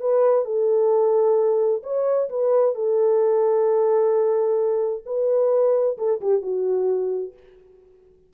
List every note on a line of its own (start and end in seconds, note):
0.00 0.45 B4
0.45 1.82 A4
1.83 2.29 C#5
2.29 2.75 B4
2.75 5.04 A4
5.05 5.97 B4
5.98 6.20 A4
6.21 6.41 G4
6.41 7.33 F#4